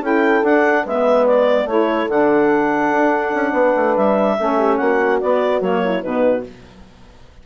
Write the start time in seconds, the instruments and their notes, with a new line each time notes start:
0.00 bassoon C#4, saxophone E4, horn A4, clarinet G5
0.42 bassoon D4, saxophone D4, clarinet F#5
0.83 bassoon G#3, saxophone B3, horn B4, clarinet E5
1.26 clarinet D5
1.64 bassoon A3, saxophone E4, horn A4, clarinet C#5
2.08 bassoon D3, saxophone D4, clarinet F#5
2.91 bassoon D4
3.34 bassoon C#4
3.52 bassoon B3, horn B4
3.76 bassoon A3
3.96 bassoon G3, clarinet E5
4.38 bassoon A3, saxophone C#4, horn A4
4.58 horn G4
4.77 bassoon A#3, horn F#4, clarinet F#5
5.20 saxophone B3, bassoon B3, clarinet D5
5.60 bassoon F#3, saxophone A#3, clarinet C#5
5.83 horn E4
6.02 bassoon B2, saxophone B3, horn D#4, clarinet B4